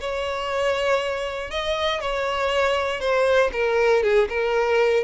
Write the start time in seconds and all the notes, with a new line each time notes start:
0.00 C#5
1.50 D#5
2.01 C#5
3.00 C5
3.52 A#4
4.03 G#4
4.29 A#4